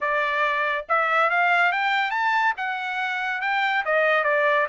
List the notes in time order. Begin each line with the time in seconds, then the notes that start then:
0.00 D5
0.88 E5
1.29 F5
1.72 G5
2.11 A5
2.57 F#5
3.41 G5
3.85 D#5
4.24 D5